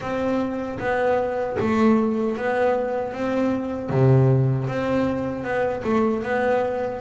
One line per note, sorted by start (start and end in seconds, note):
0.00 0.78 C4
0.79 1.57 B3
1.59 2.36 A3
2.36 3.12 B3
3.12 3.89 C4
3.89 4.67 C3
4.68 5.44 C4
5.44 5.82 B3
5.84 6.22 A3
6.22 7.00 B3